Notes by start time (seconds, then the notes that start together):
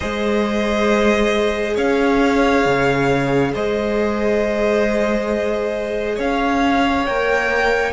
0.00 G#3 G#4 C5 D#5
1.74 C#4 C#5 F5
2.65 C#3
3.53 G#3 C5 D#5
6.15 C#4 C#5 F5
7.06 A#3 A#4 G5